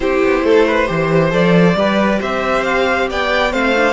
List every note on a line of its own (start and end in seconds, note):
0.00 0.22 C4
0.00 0.86 E4
0.00 0.44 G4
0.00 1.32 C5
0.24 0.43 B3
0.43 0.87 A3
0.43 0.65 A4
0.65 0.87 B4
0.86 1.33 E3
0.86 1.30 G4
0.86 1.76 C5
1.30 1.75 F3
1.30 1.74 A4
1.30 2.21 D5
1.75 2.19 G3
1.75 3.51 G4
1.75 2.19 B4
2.19 3.10 C4
2.19 3.07 C5
2.19 2.64 E5
2.64 3.08 F5
3.09 3.53 B3
3.09 3.52 D5
3.09 3.53 G5
3.51 3.93 A3
3.51 3.73 C4
3.51 3.93 C5
3.51 3.93 F5
3.76 3.93 D4